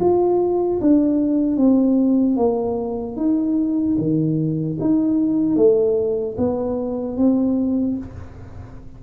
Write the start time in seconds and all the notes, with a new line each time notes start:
0.00 F4
0.81 D4
1.57 C4
2.36 A#3
3.17 D#4
3.98 D#3
4.81 D#4
5.56 A3
6.38 B3
7.17 C4